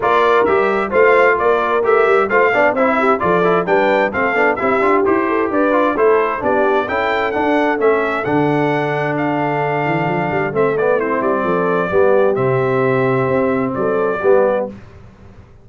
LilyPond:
<<
  \new Staff \with { instrumentName = "trumpet" } { \time 4/4 \tempo 4 = 131 d''4 e''4 f''4 d''4 | e''4 f''4 e''4 d''4 | g''4 f''4 e''4 c''4 | d''4 c''4 d''4 g''4 |
fis''4 e''4 fis''2 | f''2. e''8 d''8 | c''8 d''2~ d''8 e''4~ | e''2 d''2 | }
  \new Staff \with { instrumentName = "horn" } { \time 4/4 ais'2 c''4 ais'4~ | ais'4 c''8 d''8 c''8 g'8 a'4 | b'4 a'4 g'4. a'8 | b'4 a'4 g'4 a'4~ |
a'1~ | a'1 | e'4 a'4 g'2~ | g'2 a'4 g'4 | }
  \new Staff \with { instrumentName = "trombone" } { \time 4/4 f'4 g'4 f'2 | g'4 f'8 d'8 e'4 f'8 e'8 | d'4 c'8 d'8 e'8 f'8 g'4~ | g'8 f'8 e'4 d'4 e'4 |
d'4 cis'4 d'2~ | d'2. c'8 b8 | c'2 b4 c'4~ | c'2. b4 | }
  \new Staff \with { instrumentName = "tuba" } { \time 4/4 ais4 g4 a4 ais4 | a8 g8 a8 b8 c'4 f4 | g4 a8 b8 c'8 d'8 e'4 | d'4 a4 b4 cis'4 |
d'4 a4 d2~ | d4. e8 f8 g8 a4~ | a8 g8 f4 g4 c4~ | c4 c'4 fis4 g4 | }
>>